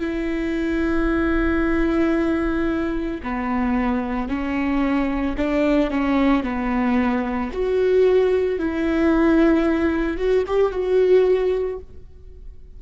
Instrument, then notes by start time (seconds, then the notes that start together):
viola
0.00 E4
3.23 B3
4.29 C#4
5.37 D4
5.90 C#4
6.44 B3
7.52 F#4
8.59 E4
10.17 F#4
10.47 G4
10.72 F#4